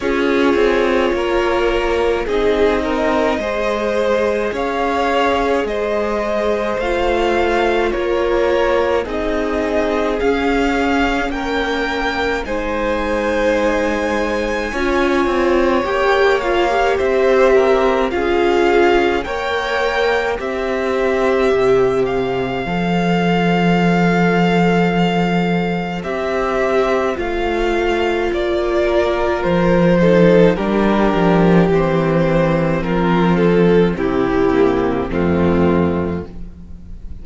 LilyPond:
<<
  \new Staff \with { instrumentName = "violin" } { \time 4/4 \tempo 4 = 53 cis''2 dis''2 | f''4 dis''4 f''4 cis''4 | dis''4 f''4 g''4 gis''4~ | gis''2 g''8 f''8 e''4 |
f''4 g''4 e''4. f''8~ | f''2. e''4 | f''4 d''4 c''4 ais'4 | c''4 ais'8 a'8 g'4 f'4 | }
  \new Staff \with { instrumentName = "violin" } { \time 4/4 gis'4 ais'4 gis'8 ais'8 c''4 | cis''4 c''2 ais'4 | gis'2 ais'4 c''4~ | c''4 cis''2 c''8 ais'8 |
gis'4 cis''4 c''2~ | c''1~ | c''4. ais'4 a'8 g'4~ | g'4 f'4 e'4 c'4 | }
  \new Staff \with { instrumentName = "viola" } { \time 4/4 f'2 dis'4 gis'4~ | gis'2 f'2 | dis'4 cis'2 dis'4~ | dis'4 f'4 g'8 f'16 g'4~ g'16 |
f'4 ais'4 g'2 | a'2. g'4 | f'2~ f'8 dis'8 d'4 | c'2~ c'8 ais8 a4 | }
  \new Staff \with { instrumentName = "cello" } { \time 4/4 cis'8 c'8 ais4 c'4 gis4 | cis'4 gis4 a4 ais4 | c'4 cis'4 ais4 gis4~ | gis4 cis'8 c'8 ais4 c'4 |
cis'4 ais4 c'4 c4 | f2. c'4 | a4 ais4 f4 g8 f8 | e4 f4 c4 f,4 | }
>>